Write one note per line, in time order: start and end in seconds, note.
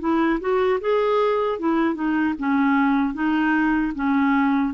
0.00 0.39 E4
0.41 0.80 F#4
0.81 1.59 G#4
1.59 1.95 E4
1.95 2.34 D#4
2.39 3.14 C#4
3.14 3.93 D#4
3.95 4.74 C#4